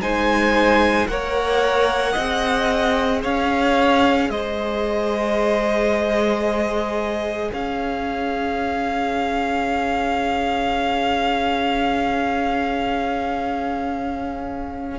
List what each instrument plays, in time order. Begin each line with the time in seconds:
0.00 cello G#3, viola D#4, violin C5 G#5
1.07 cello A#3, viola A#4, violin C#5 F#5
2.12 cello C4, viola G#4, violin D#5
3.22 cello C#4, violin C#5 F5
4.29 cello G#3, violin C5 D#5
7.50 cello C#4, violin C#5 F5